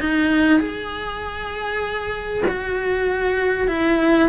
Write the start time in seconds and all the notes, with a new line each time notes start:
0.00 D#4
0.60 G#4
2.48 F#4
3.68 E4